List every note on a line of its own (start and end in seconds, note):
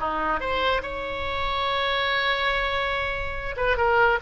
0.00 0.40 D#4
0.40 0.82 C5
0.83 3.56 C#5
3.57 3.77 B4
3.77 4.19 A#4